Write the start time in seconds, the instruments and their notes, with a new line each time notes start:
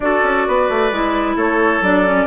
0.00 bassoon D4, clarinet F#4, oboe A4, flute D5
0.23 bassoon C#4
0.47 bassoon B3, oboe B4
0.69 bassoon A3
0.91 bassoon G#3, clarinet E4
1.35 bassoon A3, oboe A4, flute C#5
1.81 bassoon F#3, clarinet D4, flute D5
2.06 clarinet C#4